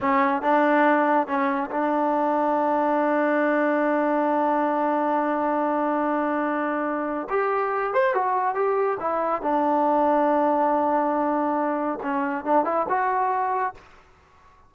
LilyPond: \new Staff \with { instrumentName = "trombone" } { \time 4/4 \tempo 4 = 140 cis'4 d'2 cis'4 | d'1~ | d'1~ | d'1~ |
d'4 g'4. c''8 fis'4 | g'4 e'4 d'2~ | d'1 | cis'4 d'8 e'8 fis'2 | }